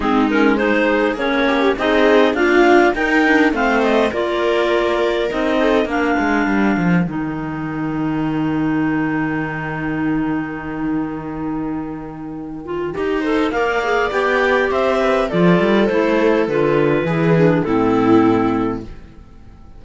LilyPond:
<<
  \new Staff \with { instrumentName = "clarinet" } { \time 4/4 \tempo 4 = 102 gis'8 ais'8 c''4 cis''4 dis''4 | f''4 g''4 f''8 dis''8 d''4~ | d''4 dis''4 f''2 | g''1~ |
g''1~ | g''2. f''4 | g''4 e''4 d''4 c''4 | b'2 a'2 | }
  \new Staff \with { instrumentName = "viola" } { \time 4/4 dis'4 gis'4. g'8 gis'4 | f'4 ais'4 c''4 ais'4~ | ais'4. a'8 ais'2~ | ais'1~ |
ais'1~ | ais'2~ ais'8 c''8 d''4~ | d''4 c''8 b'8 a'2~ | a'4 gis'4 e'2 | }
  \new Staff \with { instrumentName = "clarinet" } { \time 4/4 c'8 cis'8 dis'4 cis'4 dis'4 | ais4 dis'8 d'8 c'4 f'4~ | f'4 dis'4 d'2 | dis'1~ |
dis'1~ | dis'4. f'8 g'8 a'8 ais'8 gis'8 | g'2 f'4 e'4 | f'4 e'8 d'8 c'2 | }
  \new Staff \with { instrumentName = "cello" } { \time 4/4 gis2 ais4 c'4 | d'4 dis'4 a4 ais4~ | ais4 c'4 ais8 gis8 g8 f8 | dis1~ |
dis1~ | dis2 dis'4 ais4 | b4 c'4 f8 g8 a4 | d4 e4 a,2 | }
>>